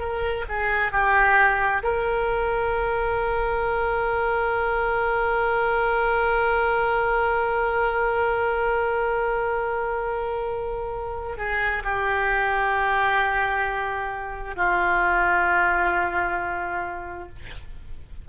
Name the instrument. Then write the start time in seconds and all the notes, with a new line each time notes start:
oboe
0.00 A#4
0.49 G#4
0.92 G4
1.83 A#4
11.38 G#4
11.84 G4
14.56 F4